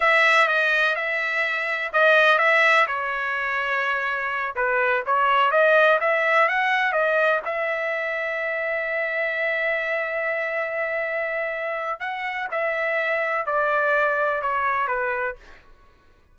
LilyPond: \new Staff \with { instrumentName = "trumpet" } { \time 4/4 \tempo 4 = 125 e''4 dis''4 e''2 | dis''4 e''4 cis''2~ | cis''4. b'4 cis''4 dis''8~ | dis''8 e''4 fis''4 dis''4 e''8~ |
e''1~ | e''1~ | e''4 fis''4 e''2 | d''2 cis''4 b'4 | }